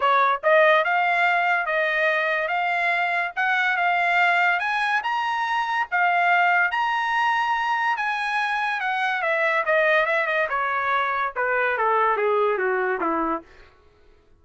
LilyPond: \new Staff \with { instrumentName = "trumpet" } { \time 4/4 \tempo 4 = 143 cis''4 dis''4 f''2 | dis''2 f''2 | fis''4 f''2 gis''4 | ais''2 f''2 |
ais''2. gis''4~ | gis''4 fis''4 e''4 dis''4 | e''8 dis''8 cis''2 b'4 | a'4 gis'4 fis'4 e'4 | }